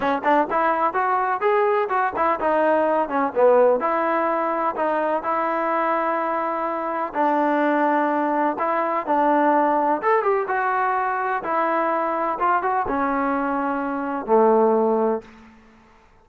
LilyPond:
\new Staff \with { instrumentName = "trombone" } { \time 4/4 \tempo 4 = 126 cis'8 d'8 e'4 fis'4 gis'4 | fis'8 e'8 dis'4. cis'8 b4 | e'2 dis'4 e'4~ | e'2. d'4~ |
d'2 e'4 d'4~ | d'4 a'8 g'8 fis'2 | e'2 f'8 fis'8 cis'4~ | cis'2 a2 | }